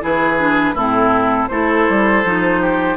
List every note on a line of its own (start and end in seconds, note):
0.00 0.73 E3
0.00 0.37 E4
0.00 0.74 G#4
0.00 0.77 B4
0.39 0.76 D4
0.73 1.47 A2
0.73 1.50 C4
0.73 1.48 E4
0.73 1.48 A4
1.48 1.87 A3
1.48 2.24 E4
1.48 2.61 A4
1.48 2.96 C5
1.89 2.24 G3
2.24 2.96 F3
2.24 2.96 D#4
2.61 2.96 G4